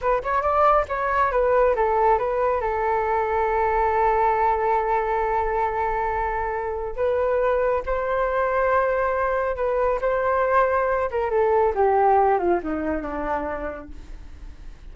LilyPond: \new Staff \with { instrumentName = "flute" } { \time 4/4 \tempo 4 = 138 b'8 cis''8 d''4 cis''4 b'4 | a'4 b'4 a'2~ | a'1~ | a'1 |
b'2 c''2~ | c''2 b'4 c''4~ | c''4. ais'8 a'4 g'4~ | g'8 f'8 dis'4 d'2 | }